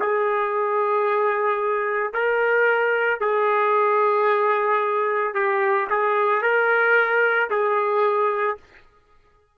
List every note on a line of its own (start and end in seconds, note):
0.00 2.14 G#4
2.14 3.20 A#4
3.20 5.35 G#4
5.35 5.88 G4
5.90 6.42 G#4
6.42 7.50 A#4
7.50 8.58 G#4